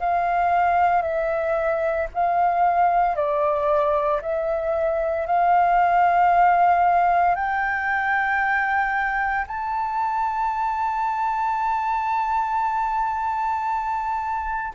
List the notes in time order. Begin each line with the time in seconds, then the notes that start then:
0.00 F5
1.02 E5
2.14 F5
3.16 D5
4.22 E5
5.27 F5
7.35 G5
9.47 A5